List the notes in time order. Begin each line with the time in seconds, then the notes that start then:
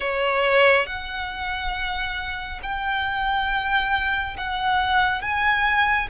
0.00 C#5
0.86 F#5
2.62 G5
4.37 F#5
5.21 G#5